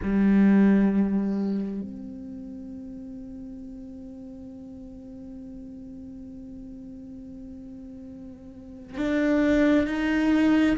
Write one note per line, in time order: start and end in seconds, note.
0.02 1.81 G3
1.81 8.97 C4
8.97 9.87 D4
9.87 10.76 D#4